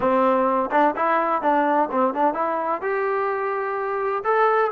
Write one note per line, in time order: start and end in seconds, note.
0.00 0.70 C4
0.71 0.94 D4
0.96 1.42 E4
1.42 1.89 D4
1.91 2.14 C4
2.14 2.34 D4
2.34 2.81 E4
2.81 4.23 G4
4.23 4.71 A4